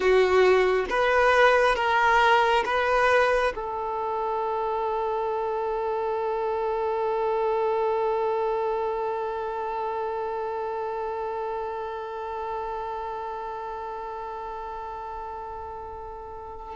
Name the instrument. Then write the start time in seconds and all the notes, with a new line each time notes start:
violin
0.00 F#4
0.89 B4
1.75 A#4
2.65 B4
3.55 A4